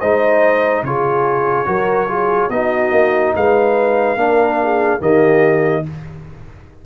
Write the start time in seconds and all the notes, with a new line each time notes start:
0.00 G#3 D#4 C5 D#5
0.83 C#3 F4 G#4 C#5
1.66 F#3 F#4 A#4
2.09 F4 G#4
2.49 B3 D#4 F#4 D#5
2.92 A#3
3.36 G#3 B4 F5
4.17 A#3 D4 A#4
4.63 G#4
5.00 D#3 A#3 G4 D#5